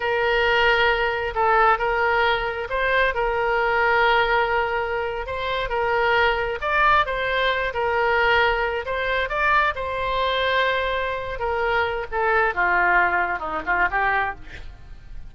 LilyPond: \new Staff \with { instrumentName = "oboe" } { \time 4/4 \tempo 4 = 134 ais'2. a'4 | ais'2 c''4 ais'4~ | ais'2.~ ais'8. c''16~ | c''8. ais'2 d''4 c''16~ |
c''4~ c''16 ais'2~ ais'8 c''16~ | c''8. d''4 c''2~ c''16~ | c''4. ais'4. a'4 | f'2 dis'8 f'8 g'4 | }